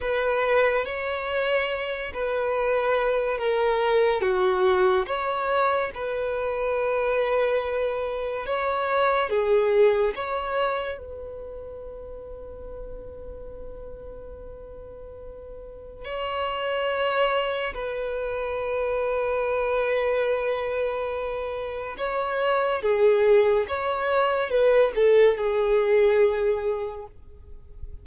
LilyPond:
\new Staff \with { instrumentName = "violin" } { \time 4/4 \tempo 4 = 71 b'4 cis''4. b'4. | ais'4 fis'4 cis''4 b'4~ | b'2 cis''4 gis'4 | cis''4 b'2.~ |
b'2. cis''4~ | cis''4 b'2.~ | b'2 cis''4 gis'4 | cis''4 b'8 a'8 gis'2 | }